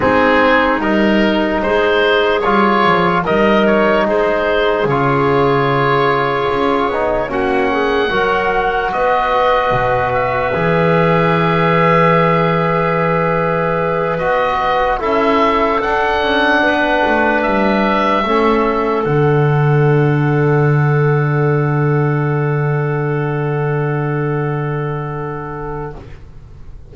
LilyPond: <<
  \new Staff \with { instrumentName = "oboe" } { \time 4/4 \tempo 4 = 74 gis'4 ais'4 c''4 cis''4 | dis''8 cis''8 c''4 cis''2~ | cis''4 fis''2 dis''4~ | dis''8 e''2.~ e''8~ |
e''4. dis''4 e''4 fis''8~ | fis''4. e''2 fis''8~ | fis''1~ | fis''1 | }
  \new Staff \with { instrumentName = "clarinet" } { \time 4/4 dis'2 gis'2 | ais'4 gis'2.~ | gis'4 fis'8 gis'8 ais'4 b'4~ | b'1~ |
b'2~ b'8 a'4.~ | a'8 b'2 a'4.~ | a'1~ | a'1 | }
  \new Staff \with { instrumentName = "trombone" } { \time 4/4 c'4 dis'2 f'4 | dis'2 f'2~ | f'8 dis'8 cis'4 fis'2~ | fis'4 gis'2.~ |
gis'4. fis'4 e'4 d'8~ | d'2~ d'8 cis'4 d'8~ | d'1~ | d'1 | }
  \new Staff \with { instrumentName = "double bass" } { \time 4/4 gis4 g4 gis4 g8 f8 | g4 gis4 cis2 | cis'8 b8 ais4 fis4 b4 | b,4 e2.~ |
e4. b4 cis'4 d'8 | cis'8 b8 a8 g4 a4 d8~ | d1~ | d1 | }
>>